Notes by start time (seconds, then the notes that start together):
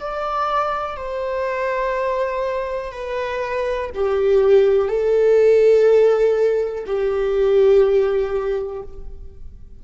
0.00 D5
0.97 C5
2.92 B4
3.94 G4
4.88 A4
6.86 G4